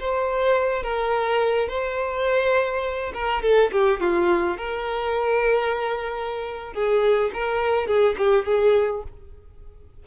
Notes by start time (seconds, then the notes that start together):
0.00 C5
0.83 A#4
1.69 C5
3.14 A#4
3.42 A4
3.72 G4
4.00 F4
4.58 A#4
6.73 G#4
7.34 A#4
7.87 G#4
8.18 G4
8.45 G#4